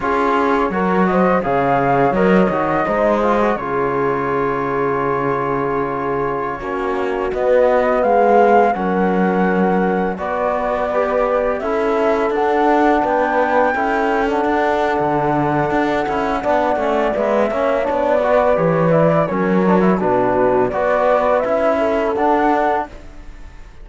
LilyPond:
<<
  \new Staff \with { instrumentName = "flute" } { \time 4/4 \tempo 4 = 84 cis''4. dis''8 f''4 dis''4~ | dis''4 cis''2.~ | cis''2~ cis''16 dis''4 f''8.~ | f''16 fis''2 d''4.~ d''16~ |
d''16 e''4 fis''4 g''4.~ g''16 | fis''1 | e''4 d''4 cis''8 d''8 cis''4 | b'4 d''4 e''4 fis''4 | }
  \new Staff \with { instrumentName = "horn" } { \time 4/4 gis'4 ais'8 c''8 cis''2 | c''4 gis'2.~ | gis'4~ gis'16 fis'2 gis'8.~ | gis'16 ais'2 b'4.~ b'16~ |
b'16 a'2 b'4 a'8.~ | a'2. d''4~ | d''8 cis''4 b'4. ais'4 | fis'4 b'4. a'4. | }
  \new Staff \with { instrumentName = "trombone" } { \time 4/4 f'4 fis'4 gis'4 ais'8 fis'8 | dis'8 f'16 fis'16 f'2.~ | f'4~ f'16 cis'4 b4.~ b16~ | b16 cis'2 fis'4 g'8.~ |
g'16 e'4 d'2 e'8. | d'2~ d'8 e'8 d'8 cis'8 | b8 cis'8 d'8 fis'8 g'8 e'8 cis'8 d'16 e'16 | d'4 fis'4 e'4 d'4 | }
  \new Staff \with { instrumentName = "cello" } { \time 4/4 cis'4 fis4 cis4 fis8 dis8 | gis4 cis2.~ | cis4~ cis16 ais4 b4 gis8.~ | gis16 fis2 b4.~ b16~ |
b16 cis'4 d'4 b4 cis'8.~ | cis'16 d'8. d4 d'8 cis'8 b8 a8 | gis8 ais8 b4 e4 fis4 | b,4 b4 cis'4 d'4 | }
>>